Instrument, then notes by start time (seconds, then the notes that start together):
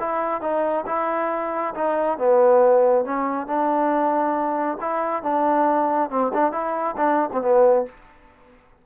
trombone
0.00 E4
0.42 D#4
0.87 E4
1.75 D#4
2.19 B3
3.05 C#4
3.47 D4
4.81 E4
5.23 D4
6.11 C4
6.34 D4
6.52 E4
6.97 D4
7.33 C4
7.42 B3